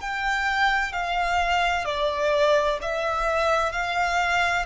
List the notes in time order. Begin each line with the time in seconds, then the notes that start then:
0.00 G5
0.92 F5
1.85 D5
2.82 E5
3.72 F5